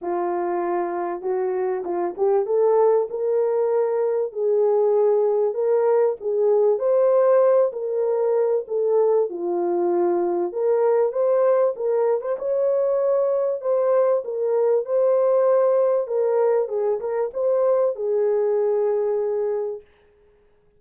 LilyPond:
\new Staff \with { instrumentName = "horn" } { \time 4/4 \tempo 4 = 97 f'2 fis'4 f'8 g'8 | a'4 ais'2 gis'4~ | gis'4 ais'4 gis'4 c''4~ | c''8 ais'4. a'4 f'4~ |
f'4 ais'4 c''4 ais'8. c''16 | cis''2 c''4 ais'4 | c''2 ais'4 gis'8 ais'8 | c''4 gis'2. | }